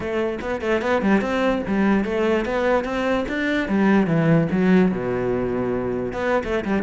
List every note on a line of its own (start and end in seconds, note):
0.00 0.39 A3
0.41 0.61 B3
0.61 0.81 A3
0.81 1.02 B3
1.02 1.21 G3
1.21 1.62 C4
1.67 2.04 G3
2.04 2.45 A3
2.45 2.84 B3
2.84 3.25 C4
3.28 3.68 D4
3.68 4.06 G3
4.06 4.47 E3
4.51 4.91 F#3
4.91 6.12 B2
6.12 6.43 B3
6.43 6.64 A3
6.65 6.82 G3